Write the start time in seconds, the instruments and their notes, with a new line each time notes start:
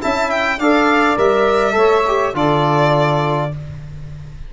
0.00 tuba C#4, trombone E4, saxophone E5, violin A5
0.30 violin G5
0.58 tuba D4, trombone A4, saxophone D5, violin F5
1.16 tuba G3, trombone A#4, violin E5
1.72 tuba A3, trombone A4, saxophone C#5
2.07 trombone G4
2.33 tuba D3, trombone F4, saxophone A4, violin D5